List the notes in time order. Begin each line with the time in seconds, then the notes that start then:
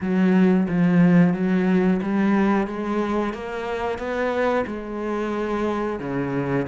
0.00 F#3
0.68 F3
1.33 F#3
2.02 G3
2.67 G#3
3.33 A#3
3.98 B3
4.66 G#3
5.99 C#3